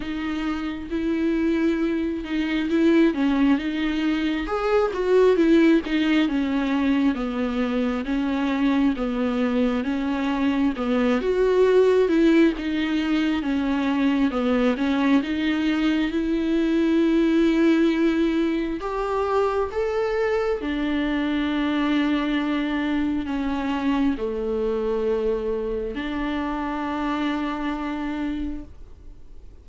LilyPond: \new Staff \with { instrumentName = "viola" } { \time 4/4 \tempo 4 = 67 dis'4 e'4. dis'8 e'8 cis'8 | dis'4 gis'8 fis'8 e'8 dis'8 cis'4 | b4 cis'4 b4 cis'4 | b8 fis'4 e'8 dis'4 cis'4 |
b8 cis'8 dis'4 e'2~ | e'4 g'4 a'4 d'4~ | d'2 cis'4 a4~ | a4 d'2. | }